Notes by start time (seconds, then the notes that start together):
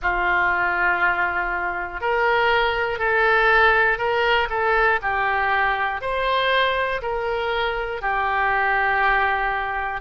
0.02 F4
2.00 A#4
2.99 A4
3.98 A#4
4.50 A4
5.02 G4
6.01 C5
7.01 A#4
8.01 G4